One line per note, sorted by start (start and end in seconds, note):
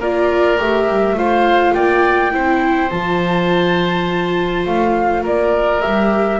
0.00 0.58 A#3
0.00 0.58 F4
0.00 1.17 A#4
0.00 0.60 D5
0.58 0.89 A3
0.58 1.16 G4
0.58 1.18 E5
0.89 1.14 G3
1.14 1.72 A3
1.14 2.32 F4
1.14 1.75 C5
1.14 1.74 F5
1.74 2.33 A#3
1.74 2.33 D5
1.74 2.90 G5
2.32 2.92 C4
2.32 2.90 E4
2.32 5.23 C5
2.90 4.67 F3
2.90 5.82 F4
2.90 4.65 A5
4.66 5.25 A3
4.66 5.24 F5
5.23 5.83 A#3
5.23 6.39 A#4
5.23 5.82 D5
5.82 6.40 G3
5.82 6.40 G4
5.82 6.40 E5